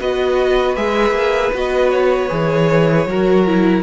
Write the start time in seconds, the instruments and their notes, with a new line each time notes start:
0.00 cello B3, viola F#4, violin B4 D#5
0.75 cello G#3, viola G#4, violin E5
1.11 cello A#3
1.54 cello B3, viola F#4, violin D#5
1.90 violin C#5
2.29 cello E3, viola G#4
3.06 cello F#3, viola F#4, violin A#4
3.46 viola E4